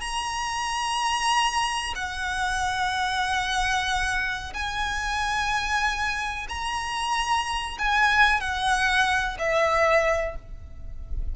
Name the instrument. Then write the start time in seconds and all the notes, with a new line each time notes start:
violin
0.00 A#5
1.95 F#5
4.53 G#5
6.48 A#5
7.78 G#5
8.40 F#5
9.38 E5